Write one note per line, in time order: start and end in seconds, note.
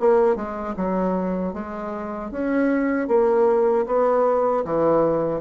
0.00 0.36 A#3
0.36 0.75 G#3
0.77 1.54 F#3
1.54 2.31 G#3
2.31 3.08 C#4
3.08 3.86 A#3
3.86 4.64 B3
4.65 5.41 E3